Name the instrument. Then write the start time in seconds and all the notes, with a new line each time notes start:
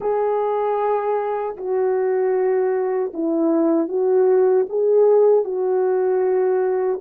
horn
0.00 G#4
1.56 F#4
3.13 E4
3.88 F#4
4.69 G#4
5.44 F#4